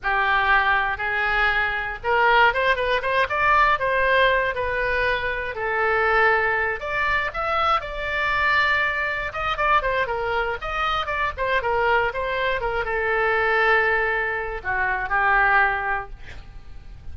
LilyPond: \new Staff \with { instrumentName = "oboe" } { \time 4/4 \tempo 4 = 119 g'2 gis'2 | ais'4 c''8 b'8 c''8 d''4 c''8~ | c''4 b'2 a'4~ | a'4. d''4 e''4 d''8~ |
d''2~ d''8 dis''8 d''8 c''8 | ais'4 dis''4 d''8 c''8 ais'4 | c''4 ais'8 a'2~ a'8~ | a'4 fis'4 g'2 | }